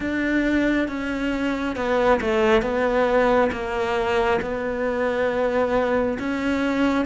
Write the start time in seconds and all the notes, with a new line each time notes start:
0.00 D4
0.87 C#4
1.76 B3
2.20 A3
2.61 B3
3.51 A#3
4.41 B3
6.18 C#4